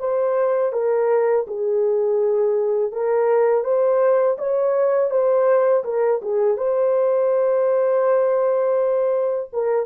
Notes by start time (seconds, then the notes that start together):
0.00 C5
0.73 A#4
1.48 G#4
2.93 A#4
3.65 C5
4.38 C#5
5.11 C5
5.84 A#4
6.22 G#4
6.58 C5
9.53 A#4